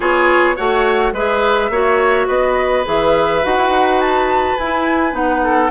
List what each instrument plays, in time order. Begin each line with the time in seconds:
0.00 bassoon B3, clarinet F4, oboe G#4, flute C#5
0.56 bassoon A3, clarinet F#4, oboe C#5, flute F#5
1.12 bassoon G#3, clarinet G#4, oboe B4, flute E5
1.69 bassoon A#3, clarinet F#4, oboe C#5
2.27 bassoon B3, oboe B4, flute D#5
2.84 bassoon E3, clarinet G#4, flute E5
3.42 bassoon D#4, clarinet F#4, flute F#5
3.57 bassoon E4
3.68 bassoon D#4
4.00 flute A5
4.57 bassoon E4, clarinet E4, flute G#5
5.11 bassoon B3, clarinet D#4, flute F#5
5.43 oboe A4